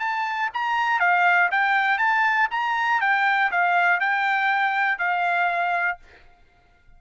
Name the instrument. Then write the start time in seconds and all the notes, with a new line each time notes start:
trumpet
0.00 A5
0.54 A#5
1.00 F5
1.52 G5
1.98 A5
2.51 A#5
3.01 G5
3.52 F5
4.00 G5
4.99 F5